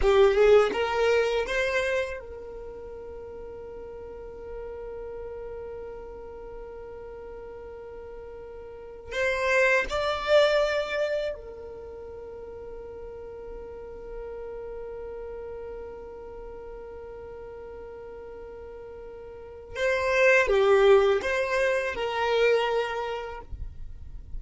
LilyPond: \new Staff \with { instrumentName = "violin" } { \time 4/4 \tempo 4 = 82 g'8 gis'8 ais'4 c''4 ais'4~ | ais'1~ | ais'1~ | ais'8 c''4 d''2 ais'8~ |
ais'1~ | ais'1~ | ais'2. c''4 | g'4 c''4 ais'2 | }